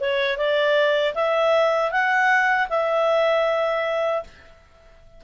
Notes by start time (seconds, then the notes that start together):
0.00 C#5
0.37 D5
1.15 E5
1.92 F#5
2.70 E5